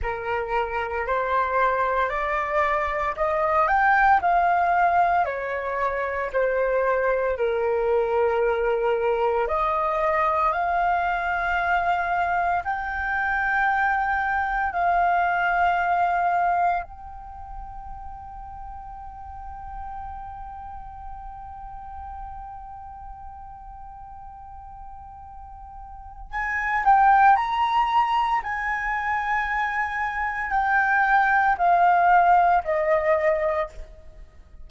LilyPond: \new Staff \with { instrumentName = "flute" } { \time 4/4 \tempo 4 = 57 ais'4 c''4 d''4 dis''8 g''8 | f''4 cis''4 c''4 ais'4~ | ais'4 dis''4 f''2 | g''2 f''2 |
g''1~ | g''1~ | g''4 gis''8 g''8 ais''4 gis''4~ | gis''4 g''4 f''4 dis''4 | }